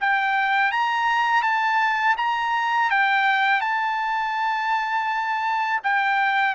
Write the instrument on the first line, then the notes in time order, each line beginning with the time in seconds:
trumpet
0.00 G5
0.71 A#5
1.42 A5
2.17 A#5
2.90 G5
3.61 A5
5.83 G5